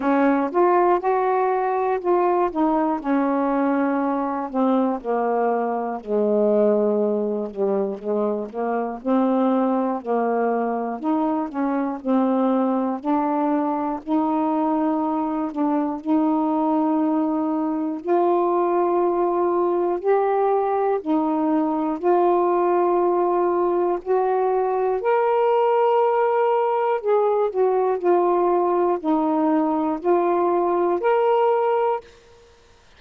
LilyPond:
\new Staff \with { instrumentName = "saxophone" } { \time 4/4 \tempo 4 = 60 cis'8 f'8 fis'4 f'8 dis'8 cis'4~ | cis'8 c'8 ais4 gis4. g8 | gis8 ais8 c'4 ais4 dis'8 cis'8 | c'4 d'4 dis'4. d'8 |
dis'2 f'2 | g'4 dis'4 f'2 | fis'4 ais'2 gis'8 fis'8 | f'4 dis'4 f'4 ais'4 | }